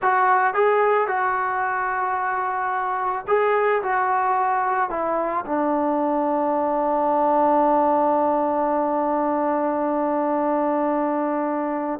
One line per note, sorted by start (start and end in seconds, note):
0.01 0.53 F#4
0.53 1.07 G#4
1.07 3.25 F#4
3.27 3.82 G#4
3.82 4.90 F#4
4.90 5.44 E4
5.45 12.00 D4